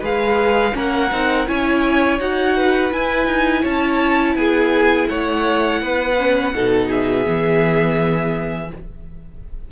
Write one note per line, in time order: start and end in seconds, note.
0.00 0.74 G#3
0.00 0.73 G#4
0.00 0.72 B4
0.00 0.77 F5
0.73 1.11 A#3
0.73 1.09 C#4
0.73 1.48 A#4
0.73 1.47 F#5
1.11 1.47 C4
1.11 1.47 D#4
1.47 2.19 C#4
1.47 2.19 E4
1.47 2.56 C#5
1.47 2.20 G#5
2.19 2.91 D#4
2.19 2.91 F#4
2.19 2.92 F#5
2.56 3.61 B4
2.91 6.16 E4
2.91 3.26 E4
2.91 3.65 G#5
3.26 3.62 D#4
3.61 4.35 C#4
3.61 4.34 C#5
3.61 4.36 A5
4.35 5.07 B3
4.35 5.09 G#4
4.35 5.08 G#5
5.08 5.81 A3
5.08 5.81 C#5
5.08 6.89 F#5
5.81 6.54 B3
5.81 6.54 B4
6.18 6.54 C#4
6.54 7.26 B2
6.54 7.24 D#4
6.54 6.89 A4
6.89 8.70 G#4
6.89 8.71 E5
7.24 8.71 E3
7.24 8.69 B3